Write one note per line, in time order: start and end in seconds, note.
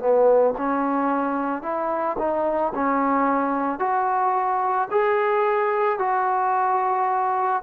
0.00 0.55 B3
0.58 1.63 C#4
1.63 2.17 E4
2.19 2.73 D#4
2.75 3.80 C#4
3.80 4.89 F#4
4.91 6.00 G#4
6.00 7.63 F#4